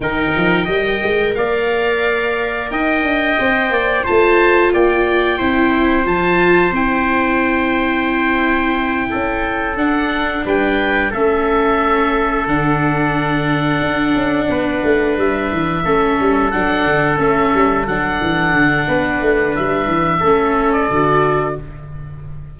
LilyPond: <<
  \new Staff \with { instrumentName = "oboe" } { \time 4/4 \tempo 4 = 89 g''2 f''2 | g''2 a''4 g''4~ | g''4 a''4 g''2~ | g''2~ g''8 fis''4 g''8~ |
g''8 e''2 fis''4.~ | fis''2~ fis''8 e''4.~ | e''8 fis''4 e''4 fis''4.~ | fis''4 e''4.~ e''16 d''4~ d''16 | }
  \new Staff \with { instrumentName = "trumpet" } { \time 4/4 ais'4 dis''4 d''2 | dis''4. d''8 c''4 d''4 | c''1~ | c''4. a'2 b'8~ |
b'8 a'2.~ a'8~ | a'4. b'2 a'8~ | a'1 | b'2 a'2 | }
  \new Staff \with { instrumentName = "viola" } { \time 4/4 dis'4 ais'2.~ | ais'4 c''4 f'2 | e'4 f'4 e'2~ | e'2~ e'8 d'4.~ |
d'8 cis'2 d'4.~ | d'2.~ d'8 cis'8~ | cis'8 d'4 cis'4 d'4.~ | d'2 cis'4 fis'4 | }
  \new Staff \with { instrumentName = "tuba" } { \time 4/4 dis8 f8 g8 gis8 ais2 | dis'8 d'8 c'8 ais8 a4 ais4 | c'4 f4 c'2~ | c'4. cis'4 d'4 g8~ |
g8 a2 d4.~ | d8 d'8 cis'8 b8 a8 g8 e8 a8 | g8 fis8 d8 a8 g8 fis8 e8 d8 | b8 a8 g8 e8 a4 d4 | }
>>